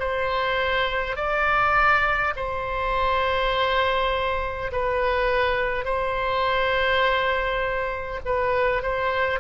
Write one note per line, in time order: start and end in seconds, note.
0.00 1.17 C5
1.17 2.34 D5
2.36 4.72 C5
4.72 5.85 B4
5.85 8.20 C5
8.26 8.83 B4
8.83 9.40 C5